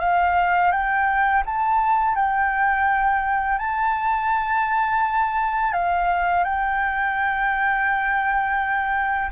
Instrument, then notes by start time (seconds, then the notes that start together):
flute
0.00 F5
0.71 G5
1.45 A5
2.15 G5
3.58 A5
5.73 F5
6.44 G5